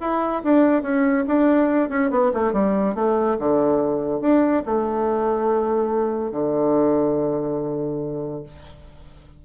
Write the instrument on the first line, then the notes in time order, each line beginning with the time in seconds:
bassoon
0.00 E4
0.43 D4
0.82 C#4
1.27 D4
1.89 C#4
2.10 B3
2.33 A3
2.53 G3
2.95 A3
3.38 D3
4.20 D4
4.65 A3
6.31 D3